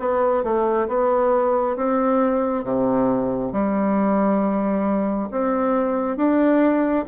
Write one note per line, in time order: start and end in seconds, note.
0.00 0.44 B3
0.44 0.88 A3
0.88 1.76 B3
1.76 2.65 C4
2.65 3.53 C3
3.53 5.29 G3
5.32 6.17 C4
6.17 7.05 D4